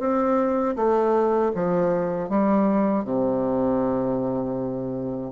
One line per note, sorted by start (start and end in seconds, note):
0.00 0.76 C4
0.76 1.52 A3
1.55 2.30 F3
2.30 3.05 G3
3.05 5.33 C3